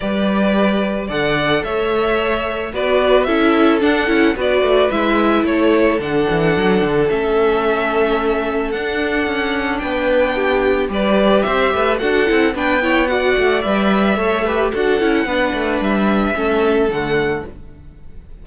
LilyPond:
<<
  \new Staff \with { instrumentName = "violin" } { \time 4/4 \tempo 4 = 110 d''2 fis''4 e''4~ | e''4 d''4 e''4 fis''4 | d''4 e''4 cis''4 fis''4~ | fis''4 e''2. |
fis''2 g''2 | d''4 e''4 fis''4 g''4 | fis''4 e''2 fis''4~ | fis''4 e''2 fis''4 | }
  \new Staff \with { instrumentName = "violin" } { \time 4/4 b'2 d''4 cis''4~ | cis''4 b'4 a'2 | b'2 a'2~ | a'1~ |
a'2 b'4 g'4 | b'4 c''8 b'8 a'4 b'8 cis''8 | d''2 cis''8 b'8 a'4 | b'2 a'2 | }
  \new Staff \with { instrumentName = "viola" } { \time 4/4 g'2 a'2~ | a'4 fis'4 e'4 d'8 e'8 | fis'4 e'2 d'4~ | d'4 cis'2. |
d'1 | g'2 fis'8 e'8 d'8 e'8 | fis'4 b'4 a'8 g'8 fis'8 e'8 | d'2 cis'4 a4 | }
  \new Staff \with { instrumentName = "cello" } { \time 4/4 g2 d4 a4~ | a4 b4 cis'4 d'8 cis'8 | b8 a8 gis4 a4 d8 e8 | fis8 d8 a2. |
d'4 cis'4 b2 | g4 c'8 a8 d'8 c'8 b4~ | b8 a8 g4 a4 d'8 cis'8 | b8 a8 g4 a4 d4 | }
>>